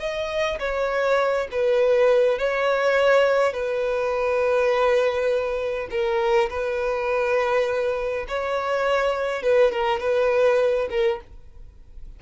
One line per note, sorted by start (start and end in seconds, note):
0.00 0.59 D#5
0.60 1.48 C#5
1.52 2.39 B4
2.39 3.53 C#5
3.53 5.89 B4
5.91 6.50 A#4
6.50 8.27 B4
8.28 9.43 C#5
9.43 9.72 B4
9.72 10.00 A#4
10.00 10.89 B4
10.91 11.20 A#4